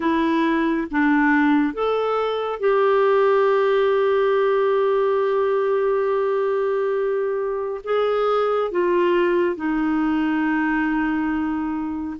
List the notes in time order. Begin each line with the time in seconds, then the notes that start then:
0.00 E4
0.90 D4
1.73 A4
2.59 G4
7.84 G#4
8.71 F4
9.56 D#4